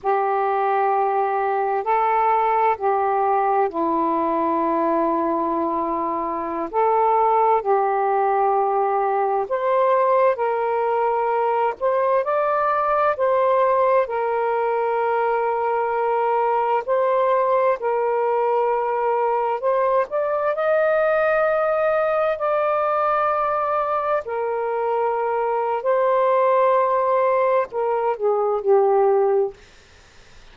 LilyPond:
\new Staff \with { instrumentName = "saxophone" } { \time 4/4 \tempo 4 = 65 g'2 a'4 g'4 | e'2.~ e'16 a'8.~ | a'16 g'2 c''4 ais'8.~ | ais'8. c''8 d''4 c''4 ais'8.~ |
ais'2~ ais'16 c''4 ais'8.~ | ais'4~ ais'16 c''8 d''8 dis''4.~ dis''16~ | dis''16 d''2 ais'4.~ ais'16 | c''2 ais'8 gis'8 g'4 | }